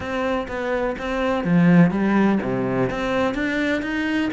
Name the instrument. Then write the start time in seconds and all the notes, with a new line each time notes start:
cello
0.00 C4
0.48 B3
0.98 C4
1.44 F3
1.90 G3
2.42 C3
2.90 C4
3.34 D4
3.82 D#4